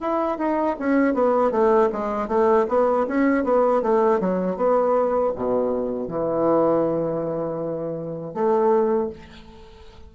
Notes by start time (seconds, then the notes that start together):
0.00 E4
0.38 D#4
0.79 C#4
1.14 B3
1.51 A3
1.92 G#3
2.28 A3
2.68 B3
3.07 C#4
3.44 B3
3.81 A3
4.19 F#3
4.56 B3
5.35 B2
6.08 E3
8.33 A3